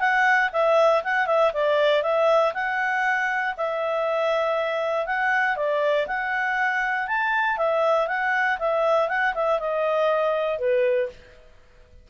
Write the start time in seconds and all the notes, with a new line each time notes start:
0.00 F#5
0.53 E5
1.04 F#5
1.27 E5
1.54 D5
2.03 E5
2.54 F#5
3.57 E5
5.06 F#5
5.56 D5
6.07 F#5
7.07 A5
7.57 E5
8.08 F#5
8.59 E5
9.08 F#5
9.34 E5
9.59 D#5
10.59 B4